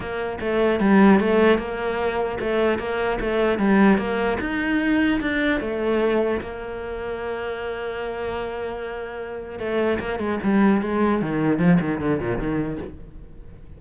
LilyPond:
\new Staff \with { instrumentName = "cello" } { \time 4/4 \tempo 4 = 150 ais4 a4 g4 a4 | ais2 a4 ais4 | a4 g4 ais4 dis'4~ | dis'4 d'4 a2 |
ais1~ | ais1 | a4 ais8 gis8 g4 gis4 | dis4 f8 dis8 d8 ais,8 dis4 | }